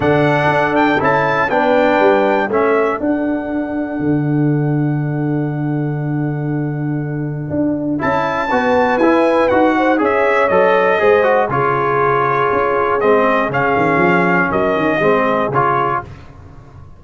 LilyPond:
<<
  \new Staff \with { instrumentName = "trumpet" } { \time 4/4 \tempo 4 = 120 fis''4. g''8 a''4 g''4~ | g''4 e''4 fis''2~ | fis''1~ | fis''1 |
a''2 gis''4 fis''4 | e''4 dis''2 cis''4~ | cis''2 dis''4 f''4~ | f''4 dis''2 cis''4 | }
  \new Staff \with { instrumentName = "horn" } { \time 4/4 a'2. b'4~ | b'4 a'2.~ | a'1~ | a'1~ |
a'4 b'2~ b'8 c''8 | cis''2 c''4 gis'4~ | gis'1~ | gis'4 ais'4 gis'2 | }
  \new Staff \with { instrumentName = "trombone" } { \time 4/4 d'2 e'4 d'4~ | d'4 cis'4 d'2~ | d'1~ | d'1 |
e'4 fis'4 e'4 fis'4 | gis'4 a'4 gis'8 fis'8 f'4~ | f'2 c'4 cis'4~ | cis'2 c'4 f'4 | }
  \new Staff \with { instrumentName = "tuba" } { \time 4/4 d4 d'4 cis'4 b4 | g4 a4 d'2 | d1~ | d2. d'4 |
cis'4 b4 e'4 dis'4 | cis'4 fis4 gis4 cis4~ | cis4 cis'4 gis4 cis8 dis8 | f4 fis8 dis8 gis4 cis4 | }
>>